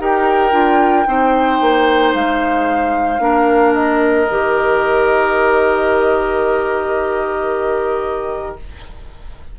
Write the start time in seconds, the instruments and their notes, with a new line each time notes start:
0.00 bassoon D#4, clarinet G4, oboe A#4, flute G5
0.52 bassoon D4, clarinet F4
1.07 bassoon C4, clarinet D#4, oboe C5
1.61 bassoon A#3
2.14 bassoon G#3, flute F5
3.20 bassoon A#3, clarinet D4, oboe A#4
3.74 flute D#5
4.31 bassoon D#3, clarinet G4